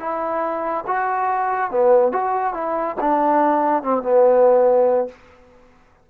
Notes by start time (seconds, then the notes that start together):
0.00 E4
0.87 F#4
1.71 B3
2.12 F#4
2.54 E4
3.01 D4
3.83 C4
4.03 B3